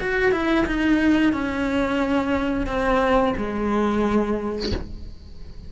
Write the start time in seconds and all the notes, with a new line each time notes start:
0.00 F#4
0.32 E4
0.66 D#4
1.33 C#4
2.67 C4
3.37 G#3